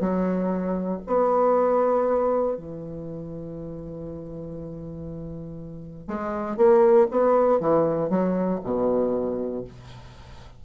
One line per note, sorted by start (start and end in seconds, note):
0.00 1.01 F#3
1.07 2.57 B3
2.57 6.07 E3
6.07 6.57 G#3
6.57 7.07 A#3
7.11 7.60 B3
7.60 8.09 E3
8.09 8.60 F#3
8.63 9.64 B2